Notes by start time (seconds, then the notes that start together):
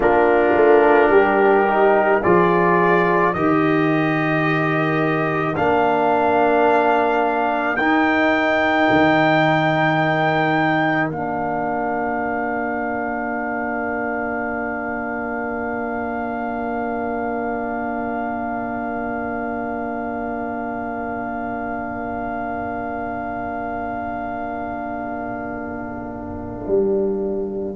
0.00 A#3 D4 F4 A#4
0.56 A3
1.09 G3 G4
1.67 D#4
2.22 F3 F4 G#4 D5
3.33 D#3 G4 A#4 D#5
5.55 A#3 D4 F5
7.76 D#4 G5
8.90 D#3
11.10 A#3 D4 F5
26.67 G3